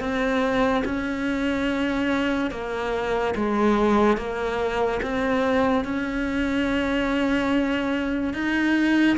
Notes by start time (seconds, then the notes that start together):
0.00 C4
0.84 C#4
2.51 A#3
3.35 G#3
4.17 A#3
5.02 C4
5.84 C#4
8.34 D#4